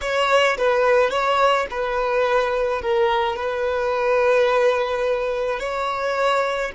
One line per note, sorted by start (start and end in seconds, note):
0.01 0.57 C#5
0.57 1.10 B4
1.10 1.66 C#5
1.70 2.81 B4
2.81 3.36 A#4
3.36 5.59 B4
5.59 6.71 C#5